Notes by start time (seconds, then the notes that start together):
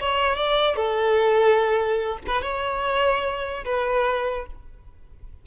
0.00 C#5
0.36 D5
0.76 A4
2.27 B4
2.42 C#5
3.65 B4